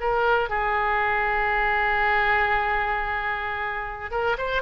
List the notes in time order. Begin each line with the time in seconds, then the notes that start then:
0.00 A#4
0.49 G#4
4.11 A#4
4.38 C5